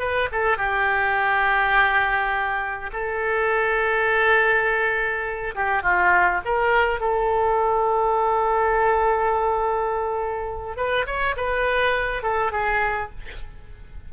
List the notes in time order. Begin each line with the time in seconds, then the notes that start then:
0.00 B4
0.33 A4
0.58 G4
2.93 A4
5.56 G4
5.83 F4
6.46 A#4
7.01 A4
10.77 B4
11.07 C#5
11.37 B4
12.23 A4
12.52 G#4